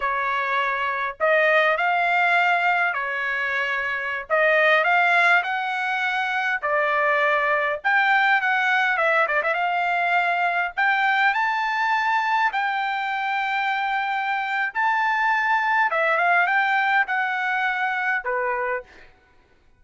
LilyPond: \new Staff \with { instrumentName = "trumpet" } { \time 4/4 \tempo 4 = 102 cis''2 dis''4 f''4~ | f''4 cis''2~ cis''16 dis''8.~ | dis''16 f''4 fis''2 d''8.~ | d''4~ d''16 g''4 fis''4 e''8 d''16 |
e''16 f''2 g''4 a''8.~ | a''4~ a''16 g''2~ g''8.~ | g''4 a''2 e''8 f''8 | g''4 fis''2 b'4 | }